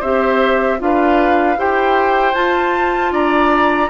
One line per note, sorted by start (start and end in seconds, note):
0.00 0.80 C4
0.00 0.79 G4
0.00 0.78 C5
0.00 0.80 E5
0.79 1.57 D4
0.79 1.56 F4
0.79 1.59 B4
0.79 1.60 F5
1.57 2.34 E4
1.57 2.33 G4
1.57 3.12 C5
1.57 2.34 G5
2.33 3.89 F4
2.33 3.12 F4
2.33 3.12 A5
3.12 3.90 D4
3.12 3.90 D5
3.12 3.90 A#5